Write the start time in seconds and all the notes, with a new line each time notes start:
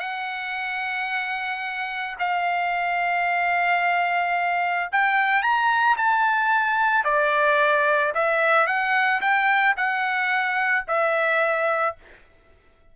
0.00 F#5
2.19 F5
4.92 G5
5.43 A#5
5.98 A5
7.05 D5
8.14 E5
8.67 F#5
9.21 G5
9.77 F#5
10.88 E5